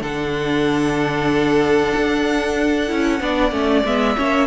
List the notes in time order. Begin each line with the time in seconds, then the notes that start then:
0.00 D3 D4 A4 F#5
1.96 D4
2.87 C#4 E4
3.20 B3 D4 D5
3.51 A3 C#4
3.84 G#3 B3 E5
4.16 A#3 C#4 C#5